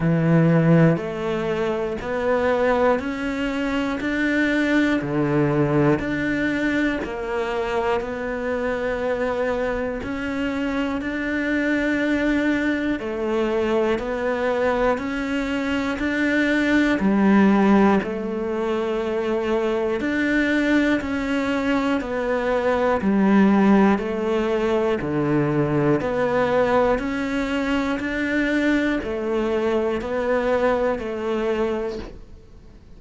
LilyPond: \new Staff \with { instrumentName = "cello" } { \time 4/4 \tempo 4 = 60 e4 a4 b4 cis'4 | d'4 d4 d'4 ais4 | b2 cis'4 d'4~ | d'4 a4 b4 cis'4 |
d'4 g4 a2 | d'4 cis'4 b4 g4 | a4 d4 b4 cis'4 | d'4 a4 b4 a4 | }